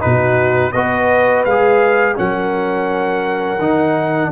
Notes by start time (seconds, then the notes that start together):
0.00 B2 D#4 F#4 B4
0.72 B3 F#4 B4 D#5
1.45 G#3 G#4 F5
2.16 F#3 C#4 A#4 F#5
3.59 D#3 D#4